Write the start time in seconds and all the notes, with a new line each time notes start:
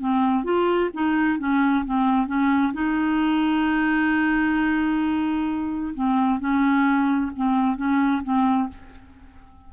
0.00 C4
0.44 F4
0.94 D#4
1.39 C#4
1.85 C4
2.27 C#4
2.73 D#4
5.95 C4
6.40 C#4
7.36 C4
7.77 C#4
8.23 C4